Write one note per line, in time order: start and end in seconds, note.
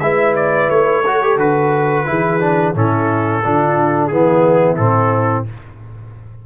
0.00 0.68 G#3
0.00 1.05 E4
0.00 1.05 B4
0.00 0.35 E5
0.36 0.70 D5
0.69 1.37 A3
0.69 1.38 C#5
1.06 1.23 F#4
1.06 2.08 A4
1.23 1.39 G4
1.37 2.05 D3
1.37 2.06 F#4
1.37 2.76 B4
2.06 2.75 E3
2.06 2.40 E4
2.06 2.77 G#4
2.41 2.75 D4
2.75 3.44 A2
2.75 3.43 C#4
2.75 3.43 E4
2.75 4.08 A4
3.43 4.12 D3
3.43 4.12 D4
3.43 4.10 F4
4.08 4.79 E3
4.08 4.78 B3
4.08 5.47 E4
4.08 4.76 G#4
4.77 5.47 A2
4.77 5.46 C4
4.77 5.45 A4